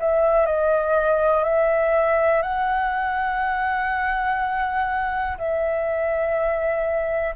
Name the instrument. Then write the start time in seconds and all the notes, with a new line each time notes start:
flute
0.00 E5
0.46 D#5
1.44 E5
2.42 F#5
5.38 E5